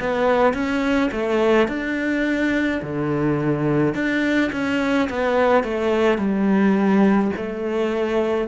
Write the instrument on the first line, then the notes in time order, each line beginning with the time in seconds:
cello
0.00 B3
0.53 C#4
1.12 A3
1.68 D4
2.82 D3
3.94 D4
4.52 C#4
5.09 B3
5.63 A3
6.18 G3
7.36 A3